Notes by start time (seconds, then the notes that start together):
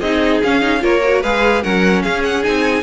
0.00 C4 D#4 G#4 D#5
0.43 C#4 F5
0.61 D#4
0.79 A#3 F4 A#4 C#5
1.03 F#4
1.21 G#3 G#4 B4 F5
1.62 F#3 C#4 A#4 F#5
2.02 C#4 G#4 F5
2.24 F#5
2.42 C4 D#4 G#5